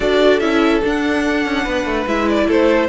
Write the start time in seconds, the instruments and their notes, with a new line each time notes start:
0.00 cello D4, viola F#4, violin A4 D5
0.39 cello C#4, viola E4, violin E5
0.83 viola D4, cello D4, violin F#5
1.45 cello C#4
1.63 cello B3, violin B4
1.85 cello A3
2.06 cello G#3, viola E4, violin E5
2.28 violin D5
2.47 cello A3, violin A4 C5